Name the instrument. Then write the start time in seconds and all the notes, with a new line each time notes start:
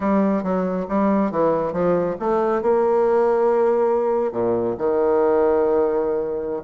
bassoon
0.00 G3
0.43 F#3
0.88 G3
1.31 E3
1.73 F3
2.19 A3
2.61 A#3
4.32 A#2
4.77 D#3